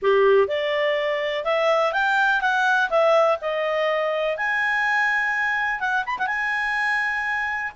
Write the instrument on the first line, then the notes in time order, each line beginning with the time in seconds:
clarinet
0.02 G4
0.47 D5
1.44 E5
1.92 G5
2.41 F#5
2.90 E5
3.41 D#5
4.37 G#5
5.80 F#5
6.06 B5
6.18 F#5
6.27 G#5